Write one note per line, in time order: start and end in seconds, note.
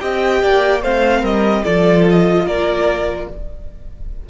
0.00 0.43 C4
0.00 0.82 G4
0.00 0.42 D#5
0.00 0.82 G5
0.43 0.83 A#3
0.43 0.82 D5
0.82 1.23 A3
0.82 1.65 C4
0.82 1.21 C5
0.82 1.25 F5
1.21 1.64 G3
1.21 1.62 A#4
1.21 1.64 D#5
1.64 2.45 F3
1.64 3.30 F4
1.64 2.46 A4
1.64 2.05 D5
2.10 2.47 D#5
2.45 3.27 A#3
2.45 3.29 A#4
2.45 3.29 D5